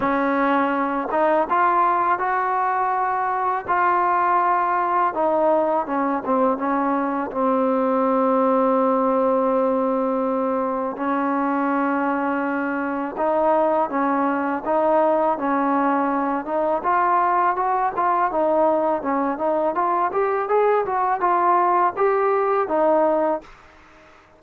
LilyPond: \new Staff \with { instrumentName = "trombone" } { \time 4/4 \tempo 4 = 82 cis'4. dis'8 f'4 fis'4~ | fis'4 f'2 dis'4 | cis'8 c'8 cis'4 c'2~ | c'2. cis'4~ |
cis'2 dis'4 cis'4 | dis'4 cis'4. dis'8 f'4 | fis'8 f'8 dis'4 cis'8 dis'8 f'8 g'8 | gis'8 fis'8 f'4 g'4 dis'4 | }